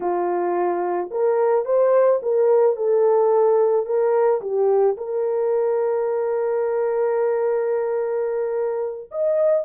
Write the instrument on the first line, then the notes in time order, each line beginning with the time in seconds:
horn
0.00 F4
1.10 A#4
1.65 C5
2.22 A#4
2.76 A4
3.85 A#4
4.41 G4
4.97 A#4
9.11 D#5